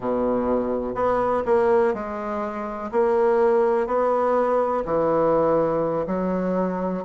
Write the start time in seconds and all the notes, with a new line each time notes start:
0.00 B2
0.94 B3
1.45 A#3
1.94 G#3
2.91 A#3
3.86 B3
4.85 E3
6.07 F#3